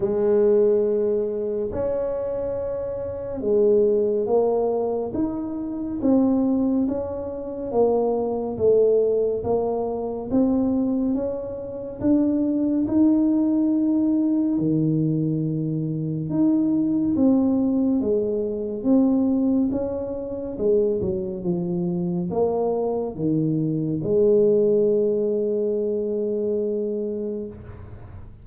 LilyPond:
\new Staff \with { instrumentName = "tuba" } { \time 4/4 \tempo 4 = 70 gis2 cis'2 | gis4 ais4 dis'4 c'4 | cis'4 ais4 a4 ais4 | c'4 cis'4 d'4 dis'4~ |
dis'4 dis2 dis'4 | c'4 gis4 c'4 cis'4 | gis8 fis8 f4 ais4 dis4 | gis1 | }